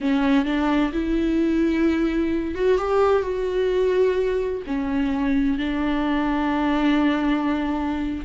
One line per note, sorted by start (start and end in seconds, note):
0.00 0.45 C#4
0.45 0.92 D4
0.92 2.54 E4
2.54 2.78 F#4
2.78 3.22 G4
3.22 4.62 F#4
4.66 5.58 C#4
5.58 8.25 D4